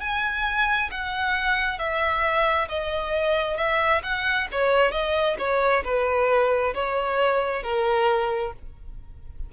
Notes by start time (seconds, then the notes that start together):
0.00 G#5
0.91 F#5
1.78 E5
2.69 D#5
3.57 E5
4.03 F#5
4.51 C#5
4.91 D#5
5.39 C#5
5.84 B4
6.74 C#5
7.63 A#4